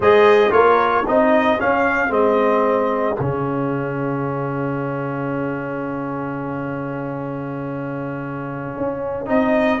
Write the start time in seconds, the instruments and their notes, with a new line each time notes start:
0.00 tuba G#3, trombone G#4, horn C5, trumpet D#5
0.50 tuba A#3, trombone F4, horn A#4, trumpet C#5
1.06 tuba C4, trombone D#4, horn G#4, trumpet D#5
1.58 trombone C#4, tuba C#4, trumpet F5
2.09 tuba G#3, trombone C4, trumpet D#5
3.18 tuba C#3, trombone C#4, trumpet F5
8.77 tuba C#4
9.26 tuba C4, trombone D#4, trumpet D#5